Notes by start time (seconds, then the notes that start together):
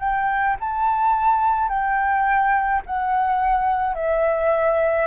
0.00 G5
0.61 A5
1.69 G5
2.86 F#5
3.95 E5